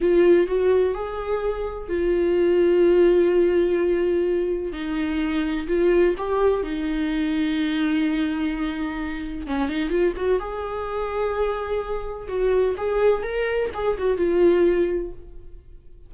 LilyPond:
\new Staff \with { instrumentName = "viola" } { \time 4/4 \tempo 4 = 127 f'4 fis'4 gis'2 | f'1~ | f'2 dis'2 | f'4 g'4 dis'2~ |
dis'1 | cis'8 dis'8 f'8 fis'8 gis'2~ | gis'2 fis'4 gis'4 | ais'4 gis'8 fis'8 f'2 | }